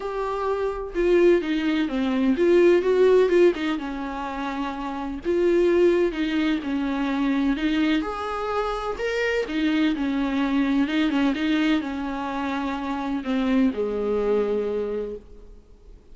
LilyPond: \new Staff \with { instrumentName = "viola" } { \time 4/4 \tempo 4 = 127 g'2 f'4 dis'4 | c'4 f'4 fis'4 f'8 dis'8 | cis'2. f'4~ | f'4 dis'4 cis'2 |
dis'4 gis'2 ais'4 | dis'4 cis'2 dis'8 cis'8 | dis'4 cis'2. | c'4 gis2. | }